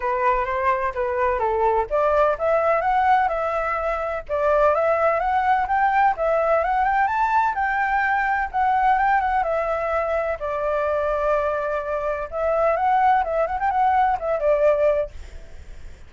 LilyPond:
\new Staff \with { instrumentName = "flute" } { \time 4/4 \tempo 4 = 127 b'4 c''4 b'4 a'4 | d''4 e''4 fis''4 e''4~ | e''4 d''4 e''4 fis''4 | g''4 e''4 fis''8 g''8 a''4 |
g''2 fis''4 g''8 fis''8 | e''2 d''2~ | d''2 e''4 fis''4 | e''8 fis''16 g''16 fis''4 e''8 d''4. | }